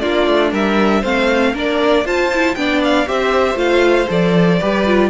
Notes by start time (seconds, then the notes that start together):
0.00 A#3 D4 F4 D5
0.27 A3
0.51 G3 A#4 E5
1.01 A3 C4 C5 F5
1.53 A#3 D4 A#4 D5
2.05 F4 C5 A5
2.33 E4
2.55 B3 D4 D5 G5
2.83 F5
3.06 C4 G4 C5 E5
3.55 A3 F4 F5
4.08 F3 A4 D5
4.59 G3 G4 B4
4.86 F4